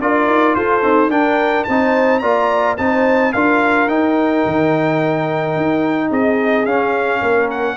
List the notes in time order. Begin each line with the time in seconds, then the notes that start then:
0.00 D4 F4 A#4 D5
0.27 D#4
0.55 F4 A4 C5
0.82 C4 D#4
1.09 D4 A#4 G5
1.64 C4 D#4 A5
1.72 C5
2.20 A#3 F4 D5 A#5
2.78 C4 D#4 C5 A5
3.33 D4 F4 A#4 F5
3.87 D#4 G5
4.46 D#3
5.56 D#4
6.10 C4 G#4 D#5
6.66 C#4 F5
7.21 A#3 A#4
7.51 F#5